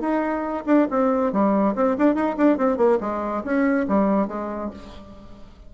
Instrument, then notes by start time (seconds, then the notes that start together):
bassoon
0.00 D#4
0.66 D4
0.90 C4
1.32 G3
1.75 C4
1.98 D4
2.15 D#4
2.37 D4
2.58 C4
2.77 A#3
3.00 G#3
3.44 C#4
3.88 G3
4.28 G#3